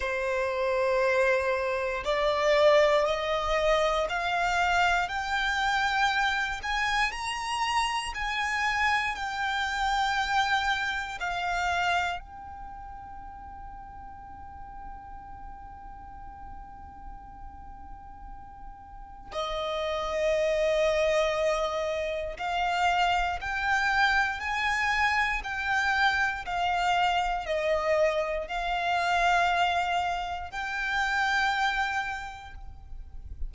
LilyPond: \new Staff \with { instrumentName = "violin" } { \time 4/4 \tempo 4 = 59 c''2 d''4 dis''4 | f''4 g''4. gis''8 ais''4 | gis''4 g''2 f''4 | g''1~ |
g''2. dis''4~ | dis''2 f''4 g''4 | gis''4 g''4 f''4 dis''4 | f''2 g''2 | }